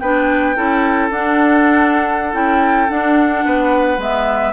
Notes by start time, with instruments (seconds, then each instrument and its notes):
0.00 bassoon B3, clarinet D4, oboe B4, flute G5
0.56 bassoon C#4, clarinet E4, oboe A4
1.11 bassoon D4, clarinet D4, flute F#5
2.32 bassoon C#4, clarinet E4, flute G5
2.89 clarinet D4, bassoon D4, flute F#5
3.46 bassoon B3, oboe B4
3.98 bassoon G#3, clarinet B3, flute E5